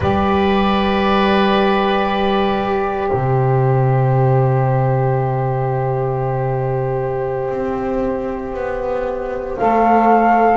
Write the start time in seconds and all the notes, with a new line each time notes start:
0.00 G3 G4 B4 D5
3.08 C3 C5 E5
7.50 C4
8.54 B3
9.56 A3 A4 F5